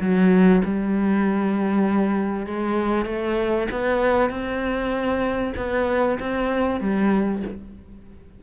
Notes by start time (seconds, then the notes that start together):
0.00 F#3
0.64 G3
2.46 G#3
3.05 A3
3.71 B3
4.30 C4
5.56 B3
6.19 C4
6.80 G3